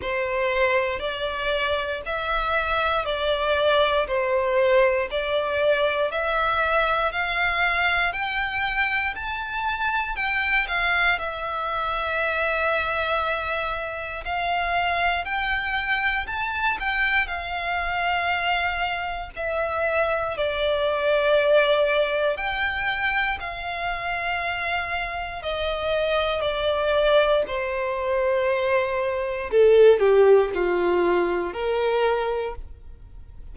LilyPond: \new Staff \with { instrumentName = "violin" } { \time 4/4 \tempo 4 = 59 c''4 d''4 e''4 d''4 | c''4 d''4 e''4 f''4 | g''4 a''4 g''8 f''8 e''4~ | e''2 f''4 g''4 |
a''8 g''8 f''2 e''4 | d''2 g''4 f''4~ | f''4 dis''4 d''4 c''4~ | c''4 a'8 g'8 f'4 ais'4 | }